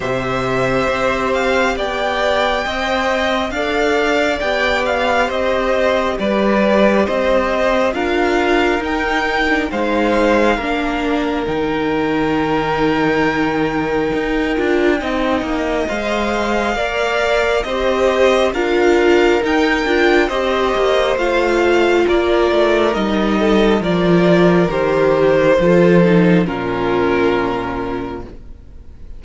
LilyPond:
<<
  \new Staff \with { instrumentName = "violin" } { \time 4/4 \tempo 4 = 68 e''4. f''8 g''2 | f''4 g''8 f''8 dis''4 d''4 | dis''4 f''4 g''4 f''4~ | f''4 g''2.~ |
g''2 f''2 | dis''4 f''4 g''4 dis''4 | f''4 d''4 dis''4 d''4 | c''2 ais'2 | }
  \new Staff \with { instrumentName = "violin" } { \time 4/4 c''2 d''4 dis''4 | d''2 c''4 b'4 | c''4 ais'2 c''4 | ais'1~ |
ais'4 dis''2 d''4 | c''4 ais'2 c''4~ | c''4 ais'4. a'8 ais'4~ | ais'4 a'4 f'2 | }
  \new Staff \with { instrumentName = "viola" } { \time 4/4 g'2. c''4 | a'4 g'2.~ | g'4 f'4 dis'8. d'16 dis'4 | d'4 dis'2.~ |
dis'8 f'8 dis'4 c''4 ais'4 | g'4 f'4 dis'8 f'8 g'4 | f'2 dis'4 f'4 | g'4 f'8 dis'8 cis'2 | }
  \new Staff \with { instrumentName = "cello" } { \time 4/4 c4 c'4 b4 c'4 | d'4 b4 c'4 g4 | c'4 d'4 dis'4 gis4 | ais4 dis2. |
dis'8 d'8 c'8 ais8 gis4 ais4 | c'4 d'4 dis'8 d'8 c'8 ais8 | a4 ais8 a8 g4 f4 | dis4 f4 ais,2 | }
>>